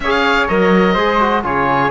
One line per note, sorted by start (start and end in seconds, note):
0.00 0.47 C#4
0.00 0.48 G#4
0.00 0.93 C#5
0.00 0.47 F5
0.48 0.95 F#3
0.48 0.96 A#4
0.48 1.44 D#5
0.93 1.43 G#3
0.93 1.20 G#4
0.93 1.41 C5
1.20 1.43 F#4
1.43 1.90 C#3
1.43 1.90 F4
1.43 1.90 G#4
1.43 1.90 C#5